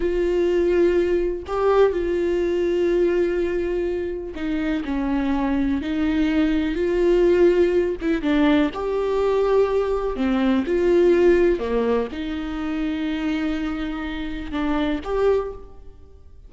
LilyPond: \new Staff \with { instrumentName = "viola" } { \time 4/4 \tempo 4 = 124 f'2. g'4 | f'1~ | f'4 dis'4 cis'2 | dis'2 f'2~ |
f'8 e'8 d'4 g'2~ | g'4 c'4 f'2 | ais4 dis'2.~ | dis'2 d'4 g'4 | }